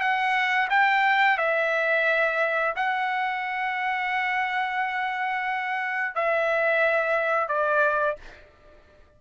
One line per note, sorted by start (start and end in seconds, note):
0.00 0.68 F#5
0.70 1.38 G5
1.38 2.74 E5
2.76 6.15 F#5
6.15 7.48 E5
7.48 8.16 D5